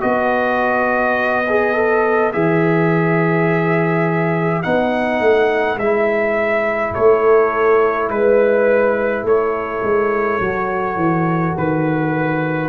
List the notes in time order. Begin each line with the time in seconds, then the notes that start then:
0.00 B3 F#4 B4 D#5
1.49 G#4
1.73 A4
2.32 E3 G#4 E5
4.62 B3 D#4 F#5
5.20 A3
5.76 G#3 E4 E5
6.94 A3 A4 C#5
8.09 G#3 B4
9.23 A3 A4 C#5
9.82 G#3
10.40 F#3 F#4
10.96 E3
11.57 D#3 B4